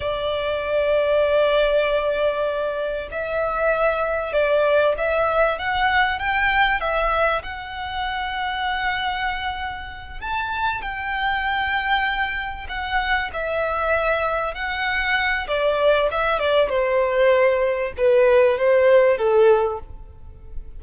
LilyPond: \new Staff \with { instrumentName = "violin" } { \time 4/4 \tempo 4 = 97 d''1~ | d''4 e''2 d''4 | e''4 fis''4 g''4 e''4 | fis''1~ |
fis''8 a''4 g''2~ g''8~ | g''8 fis''4 e''2 fis''8~ | fis''4 d''4 e''8 d''8 c''4~ | c''4 b'4 c''4 a'4 | }